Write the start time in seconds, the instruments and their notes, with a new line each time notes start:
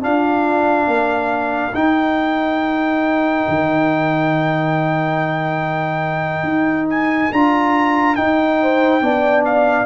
0.00 trombone D4, tuba D4, horn F4, trumpet F5
0.87 tuba A#3, horn A#4
1.74 tuba D#4, trombone D#4, trumpet G5
3.48 tuba D#3
6.43 tuba D#4
6.90 trumpet G#5
7.31 tuba D4, trombone F4, trumpet A#5
8.15 trombone D#4, tuba D#4, trumpet G5
8.62 horn C5
9.01 tuba B3, trombone D4, horn D5
9.45 trumpet F5